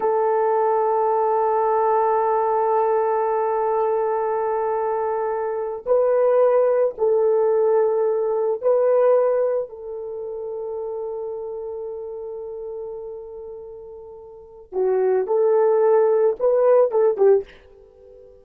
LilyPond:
\new Staff \with { instrumentName = "horn" } { \time 4/4 \tempo 4 = 110 a'1~ | a'1~ | a'2~ a'8. b'4~ b'16~ | b'8. a'2. b'16~ |
b'4.~ b'16 a'2~ a'16~ | a'1~ | a'2. fis'4 | a'2 b'4 a'8 g'8 | }